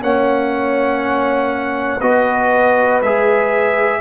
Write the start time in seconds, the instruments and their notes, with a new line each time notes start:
0.00 tuba A#3, trombone C#4, horn C#5, trumpet F#5
2.01 tuba B3, trombone F#4, horn B4, trumpet D#5
3.01 tuba G#3, trombone G#4, trumpet E5